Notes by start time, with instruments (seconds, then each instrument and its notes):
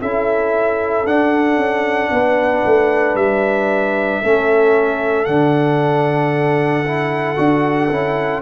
0.00 tuba C#4, trombone E4, horn A4, trumpet E5
1.05 tuba D4, trombone D4, trumpet F#5
1.57 tuba C#4
2.11 tuba B3, horn B4
2.65 tuba A3
3.15 tuba G3, trumpet E5
4.22 tuba A3, trombone C#4, horn A4
5.25 tuba D3, trombone D4, trumpet F#5
6.85 trombone E4
7.36 tuba D4, trombone F#4
7.90 tuba C#4, trombone E4